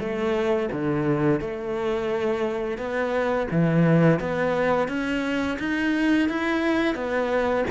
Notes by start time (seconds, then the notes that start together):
0.00 A3
0.72 D3
1.41 A3
2.78 B3
3.51 E3
4.20 B3
4.88 C#4
5.59 D#4
6.29 E4
6.95 B3